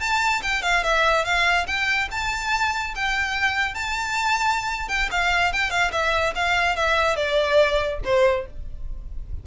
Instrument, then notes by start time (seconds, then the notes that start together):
violin
0.00 A5
0.42 G5
0.62 F5
0.84 E5
1.25 F5
1.67 G5
2.11 A5
2.95 G5
3.74 A5
4.88 G5
5.11 F5
5.53 G5
5.70 F5
5.92 E5
6.35 F5
6.76 E5
7.16 D5
8.05 C5